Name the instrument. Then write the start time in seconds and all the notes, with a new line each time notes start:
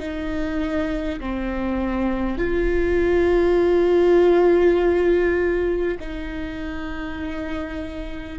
viola
0.00 D#4
1.20 C4
2.38 F4
5.99 D#4